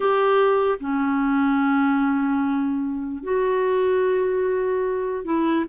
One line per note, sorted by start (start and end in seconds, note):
0.00 0.79 G4
0.80 3.23 C#4
3.23 5.24 F#4
5.24 5.65 E4